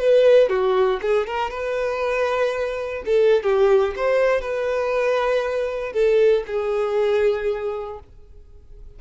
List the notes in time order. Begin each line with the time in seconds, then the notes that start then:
0.00 B4
0.49 F#4
1.02 G#4
1.27 A#4
1.51 B4
3.06 A4
3.43 G4
3.96 C5
4.41 B4
5.93 A4
6.47 G#4